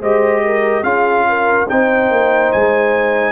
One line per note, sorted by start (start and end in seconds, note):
0.00 0.82 G#3
0.00 0.83 G4
0.00 0.42 C5
0.00 0.83 D#5
0.44 0.83 A#4
0.82 1.66 C#4
0.82 1.67 F4
0.82 1.25 G#4
0.82 1.66 F5
1.28 1.69 A#4
1.68 2.10 C4
1.68 3.31 D#4
1.68 3.31 C5
1.68 2.52 G5
2.10 2.52 A#3
2.52 3.31 G#3
2.52 3.31 G#5